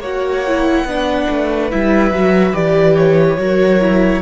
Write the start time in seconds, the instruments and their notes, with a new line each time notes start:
0.00 cello A#3, viola F#4, violin C#5 F#5
0.47 viola E4
0.85 cello B3, viola D4, violin B4
1.30 cello A3
1.71 cello G3, viola E4, violin E5
2.11 cello F#3, viola F#4
2.53 cello E3, viola G4, violin D5
2.98 violin C#5
3.38 cello F#3, viola F#4, violin A#4
3.80 viola E4